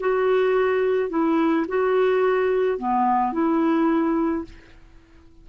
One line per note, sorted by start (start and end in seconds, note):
0.00 1.10 F#4
1.10 1.66 E4
1.68 2.78 F#4
2.78 3.32 B3
3.32 4.45 E4